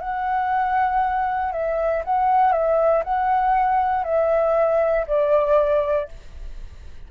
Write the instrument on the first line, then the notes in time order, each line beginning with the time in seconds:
flute
0.00 F#5
1.52 E5
2.04 F#5
2.52 E5
3.04 F#5
4.04 E5
5.07 D5